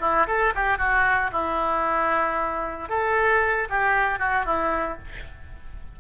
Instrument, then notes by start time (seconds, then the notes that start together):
oboe
0.00 E4
0.27 A4
0.55 G4
0.78 F#4
1.32 E4
2.89 A4
3.69 G4
4.19 F#4
4.45 E4